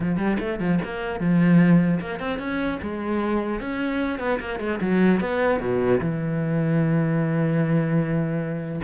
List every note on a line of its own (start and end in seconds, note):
0.00 0.17 F3
0.17 0.37 G3
0.39 0.59 A3
0.59 0.79 F3
0.84 1.19 A#3
1.19 1.99 F3
2.00 2.19 A#3
2.19 2.38 C4
2.38 2.78 C#4
2.81 3.60 G#3
3.60 4.19 C#4
4.19 4.39 B3
4.40 4.59 A#3
4.59 4.79 G#3
4.81 5.20 F#3
5.20 5.60 B3
5.60 6.00 B2
6.00 8.80 E3